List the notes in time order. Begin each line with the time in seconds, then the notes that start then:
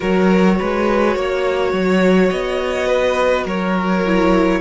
0.00 F#3 F#4 A#4 C#5
0.59 G#3 B4
1.15 A#3 C#5
1.72 F#3
2.30 B3 D#5
2.87 B4
3.44 F#3 A#4 C#5
4.05 E4